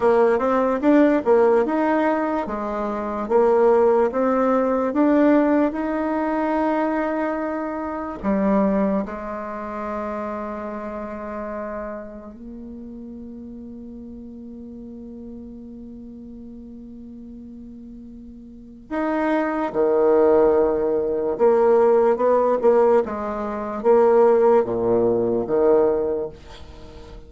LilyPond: \new Staff \with { instrumentName = "bassoon" } { \time 4/4 \tempo 4 = 73 ais8 c'8 d'8 ais8 dis'4 gis4 | ais4 c'4 d'4 dis'4~ | dis'2 g4 gis4~ | gis2. ais4~ |
ais1~ | ais2. dis'4 | dis2 ais4 b8 ais8 | gis4 ais4 ais,4 dis4 | }